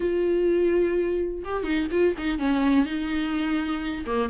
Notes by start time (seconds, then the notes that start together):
0.00 F4
1.44 G4
1.63 D#4
1.91 F4
2.18 D#4
2.38 C#4
2.85 D#4
4.06 A#3